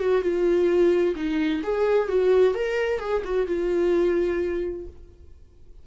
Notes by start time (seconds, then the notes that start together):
0.00 F#4
0.22 F4
1.16 D#4
1.64 G#4
2.09 F#4
2.55 A#4
3.00 G#4
3.25 F#4
3.47 F4